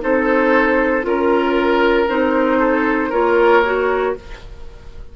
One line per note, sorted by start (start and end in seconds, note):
0.00 1.05 C4
0.00 1.02 D#4
0.00 1.06 A4
0.00 1.05 C5
1.02 2.08 C#4
1.02 2.06 F4
1.02 2.09 A#4
1.02 2.59 A#4
2.09 3.12 C4
2.09 3.12 D#4
2.09 3.12 C5
2.59 3.09 A4
3.09 4.16 A#3
3.09 3.63 F4
3.09 4.13 A#4
3.09 4.15 C#5
3.65 4.16 F#4